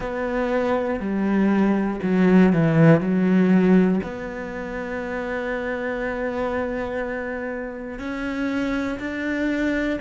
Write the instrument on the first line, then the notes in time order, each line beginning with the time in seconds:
cello
0.00 B3
1.00 G3
2.03 F#3
2.52 E3
3.00 F#3
4.03 B3
7.98 C#4
8.99 D4